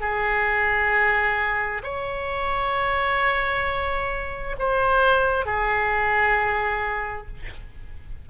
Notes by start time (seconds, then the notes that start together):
0.00 G#4
1.83 C#5
4.59 C5
5.45 G#4